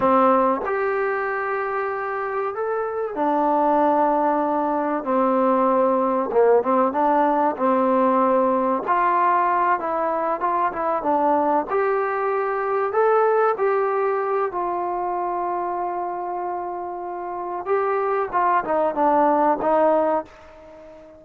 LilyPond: \new Staff \with { instrumentName = "trombone" } { \time 4/4 \tempo 4 = 95 c'4 g'2. | a'4 d'2. | c'2 ais8 c'8 d'4 | c'2 f'4. e'8~ |
e'8 f'8 e'8 d'4 g'4.~ | g'8 a'4 g'4. f'4~ | f'1 | g'4 f'8 dis'8 d'4 dis'4 | }